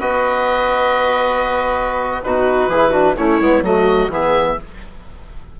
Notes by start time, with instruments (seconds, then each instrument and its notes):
0.00 bassoon B3, trombone F#4, viola B4, oboe D#5
2.23 bassoon B2, trombone D#4, viola F#4, oboe B4
2.68 bassoon E3, viola G#4
2.74 trombone E4
2.90 trombone D4, viola F#4
3.16 bassoon A3, trombone C#4, viola E4, oboe C#5
3.40 bassoon G#3, trombone B3
3.62 bassoon F#3, trombone A3, viola F#4, oboe D#5
4.09 bassoon E3, trombone B3, viola G#4, oboe E5